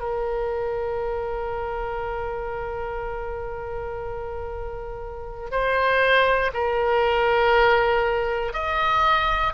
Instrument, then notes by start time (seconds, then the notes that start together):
oboe
0.00 A#4
5.52 C5
6.54 A#4
8.54 D#5